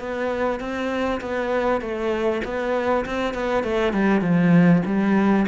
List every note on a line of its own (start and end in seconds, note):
0.00 0.60 B3
0.60 1.21 C4
1.21 1.82 B3
1.82 2.42 A3
2.45 3.06 B3
3.06 3.34 C4
3.34 3.64 B3
3.64 3.94 A3
3.94 4.22 G3
4.22 4.82 F3
4.86 5.46 G3